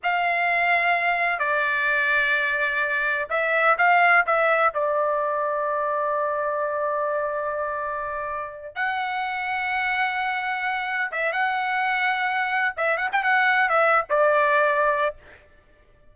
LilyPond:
\new Staff \with { instrumentName = "trumpet" } { \time 4/4 \tempo 4 = 127 f''2. d''4~ | d''2. e''4 | f''4 e''4 d''2~ | d''1~ |
d''2~ d''8 fis''4.~ | fis''2.~ fis''8 e''8 | fis''2. e''8 fis''16 g''16 | fis''4 e''8. d''2~ d''16 | }